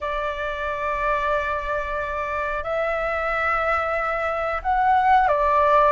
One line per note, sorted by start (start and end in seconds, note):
0.01 2.63 D5
2.63 4.61 E5
4.62 5.27 F#5
5.27 5.92 D5